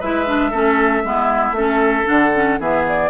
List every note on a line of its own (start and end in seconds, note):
0.00 0.53 G#3
0.00 0.26 E4
0.00 0.51 B4
0.00 2.08 E5
0.26 0.52 D4
0.51 1.04 A3
0.51 1.04 C#4
0.51 1.02 A4
1.04 1.51 G#3
1.04 1.56 B3
1.04 1.56 E4
1.51 2.03 A3
1.51 2.05 C#4
1.57 2.60 A4
2.05 2.59 D3
2.05 2.30 D4
2.05 2.59 F#5
2.35 2.60 C#4
2.59 3.10 E3
2.59 3.10 B3
2.59 3.10 G#4
2.59 2.86 E5
2.88 3.10 D5